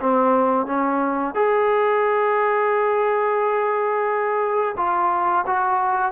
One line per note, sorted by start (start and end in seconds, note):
0.00 0.66 C4
0.66 1.35 C#4
1.35 4.75 G#4
4.77 5.45 F4
5.47 6.12 F#4